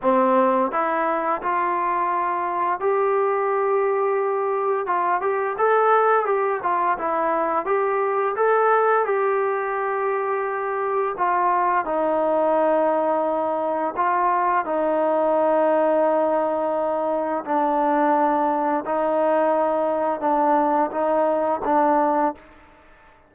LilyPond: \new Staff \with { instrumentName = "trombone" } { \time 4/4 \tempo 4 = 86 c'4 e'4 f'2 | g'2. f'8 g'8 | a'4 g'8 f'8 e'4 g'4 | a'4 g'2. |
f'4 dis'2. | f'4 dis'2.~ | dis'4 d'2 dis'4~ | dis'4 d'4 dis'4 d'4 | }